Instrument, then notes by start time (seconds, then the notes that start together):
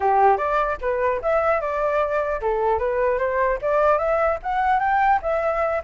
flute
0.00 G4
0.37 D5
0.81 B4
1.22 E5
1.60 D5
2.41 A4
2.79 B4
3.18 C5
3.61 D5
3.98 E5
4.42 F#5
4.79 G5
5.22 E5